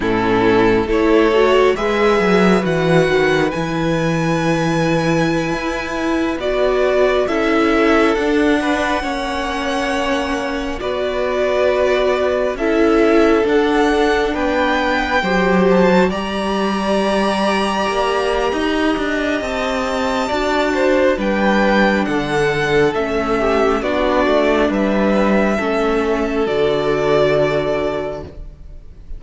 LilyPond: <<
  \new Staff \with { instrumentName = "violin" } { \time 4/4 \tempo 4 = 68 a'4 cis''4 e''4 fis''4 | gis''2.~ gis''16 d''8.~ | d''16 e''4 fis''2~ fis''8.~ | fis''16 d''2 e''4 fis''8.~ |
fis''16 g''4. a''8 ais''4.~ ais''16~ | ais''2 a''2 | g''4 fis''4 e''4 d''4 | e''2 d''2 | }
  \new Staff \with { instrumentName = "violin" } { \time 4/4 e'4 a'4 b'2~ | b'1~ | b'16 a'4. b'8 cis''4.~ cis''16~ | cis''16 b'2 a'4.~ a'16~ |
a'16 b'4 c''4 d''4.~ d''16~ | d''4 dis''2 d''8 c''8 | b'4 a'4. g'8 fis'4 | b'4 a'2. | }
  \new Staff \with { instrumentName = "viola" } { \time 4/4 cis'4 e'8 fis'8 gis'4 fis'4 | e'2.~ e'16 fis'8.~ | fis'16 e'4 d'4 cis'4.~ cis'16~ | cis'16 fis'2 e'4 d'8.~ |
d'4~ d'16 g'8. fis'16 g'4.~ g'16~ | g'2. fis'4 | d'2 cis'4 d'4~ | d'4 cis'4 fis'2 | }
  \new Staff \with { instrumentName = "cello" } { \time 4/4 a,4 a4 gis8 fis8 e8 dis8 | e2~ e16 e'4 b8.~ | b16 cis'4 d'4 ais4.~ ais16~ | ais16 b2 cis'4 d'8.~ |
d'16 b4 fis4 g4.~ g16~ | g16 ais8. dis'8 d'8 c'4 d'4 | g4 d4 a4 b8 a8 | g4 a4 d2 | }
>>